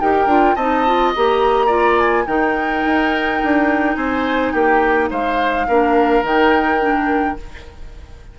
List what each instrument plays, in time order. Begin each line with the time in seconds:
0.00 bassoon D#4, clarinet G4, oboe A#4, flute G5
0.26 bassoon D4, clarinet F4
0.55 bassoon C4, clarinet D#4, oboe D#5, flute A5
0.86 clarinet F4
1.16 bassoon A#3, clarinet G4, flute A#5
1.66 clarinet F4, oboe D5
1.99 flute G#5
2.26 bassoon D#3, clarinet D#4, oboe A#4, flute G5
2.86 bassoon D#4
3.43 bassoon D4
3.96 bassoon C4, oboe C5, flute G#5
4.52 bassoon A#3, oboe G4, flute G5
5.10 bassoon G#3, oboe C5, flute F5
5.68 bassoon A#3, clarinet D4, oboe A#4
6.23 bassoon D#3, clarinet D#4, flute G5
6.80 clarinet D4